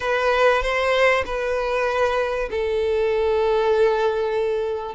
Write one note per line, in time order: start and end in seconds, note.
0.00 0.62 B4
0.62 1.24 C5
1.25 2.49 B4
2.50 4.95 A4